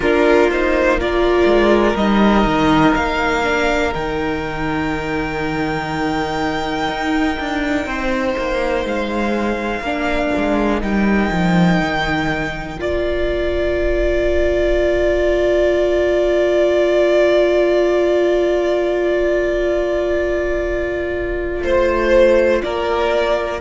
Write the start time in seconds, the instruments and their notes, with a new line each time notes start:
0.00 cello A#3, viola D4, violin F4 A#4
0.50 viola D#4, violin C5
0.99 viola F4, violin A#4 D5
1.46 cello G#3
1.96 cello G3, viola D#4, violin D#5
2.45 cello D#3
2.94 cello A#3, violin F5
3.43 viola D4
3.92 cello D#3, viola D#4, violin G5
6.88 cello D#4
7.39 cello D4
7.85 cello C4, violin C5
8.37 cello A#3
8.84 cello G#3, violin F5
9.81 cello A#3, viola D4, violin A#4
10.37 cello G#3
10.81 cello G3, viola D#4, violin G5
11.31 cello F3
11.80 cello D#3
12.78 cello A#3, viola F4, violin D5
21.63 cello A3, violin C5
22.62 cello A#3, violin A#4 D5